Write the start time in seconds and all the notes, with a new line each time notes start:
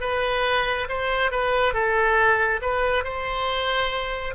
0.00 B4
0.88 C5
1.30 B4
1.73 A4
2.61 B4
3.04 C5